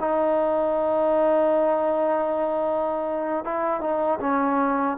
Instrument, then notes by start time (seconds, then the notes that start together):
trombone
0.00 D#4
3.45 E4
3.81 D#4
4.21 C#4